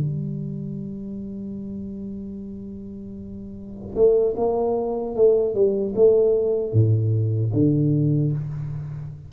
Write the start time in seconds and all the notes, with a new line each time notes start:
0.00 G3
3.95 A3
4.36 A#3
5.15 A3
5.54 G3
5.95 A3
6.72 A2
7.53 D3